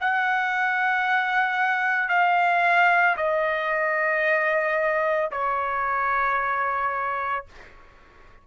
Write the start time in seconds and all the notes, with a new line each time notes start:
0.00 F#5
2.08 F5
3.16 D#5
5.31 C#5